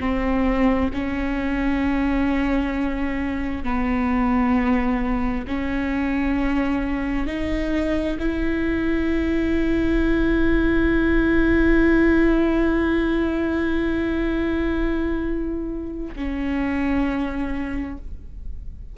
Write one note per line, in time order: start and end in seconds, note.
0.00 0.91 C4
0.94 3.64 C#4
3.64 5.46 B3
5.48 7.27 C#4
7.27 8.18 D#4
8.19 16.15 E4
16.16 17.98 C#4